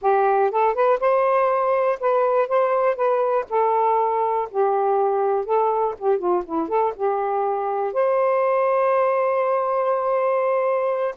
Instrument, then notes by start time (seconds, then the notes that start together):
saxophone
0.01 G4
0.51 A4
0.74 B4
1.00 C5
1.99 B4
2.47 C5
2.95 B4
3.49 A4
4.51 G4
5.45 A4
5.98 G4
6.18 F4
6.45 E4
6.68 A4
6.96 G4
7.93 C5